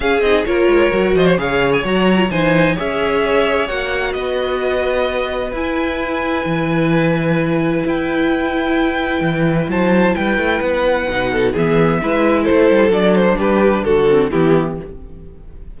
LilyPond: <<
  \new Staff \with { instrumentName = "violin" } { \time 4/4 \tempo 4 = 130 f''8 dis''8 cis''4. dis''16 cis''16 f''8. gis''16 | ais''4 gis''4 e''2 | fis''4 dis''2. | gis''1~ |
gis''4 g''2.~ | g''4 a''4 g''4 fis''4~ | fis''4 e''2 c''4 | d''8 c''8 b'4 a'4 g'4 | }
  \new Staff \with { instrumentName = "violin" } { \time 4/4 gis'4 ais'4. c''8 cis''4~ | cis''4 c''4 cis''2~ | cis''4 b'2.~ | b'1~ |
b'1~ | b'4 c''4 b'2~ | b'8 a'8 gis'4 b'4 a'4~ | a'4 g'4 fis'4 e'4 | }
  \new Staff \with { instrumentName = "viola" } { \time 4/4 cis'8 dis'8 f'4 fis'4 gis'4 | fis'8. f'16 dis'4 gis'2 | fis'1 | e'1~ |
e'1~ | e'1 | dis'4 b4 e'2 | d'2~ d'8 c'8 b4 | }
  \new Staff \with { instrumentName = "cello" } { \time 4/4 cis'8 c'8 ais8 gis8 fis8 f8 cis4 | fis4 e4 cis'2 | ais4 b2. | e'2 e2~ |
e4 e'2. | e4 fis4 g8 a8 b4 | b,4 e4 gis4 a8 g8 | fis4 g4 d4 e4 | }
>>